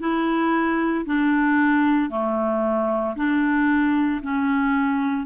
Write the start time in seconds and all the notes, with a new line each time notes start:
0.00 E4
1.06 D4
2.10 A3
3.16 D4
4.22 C#4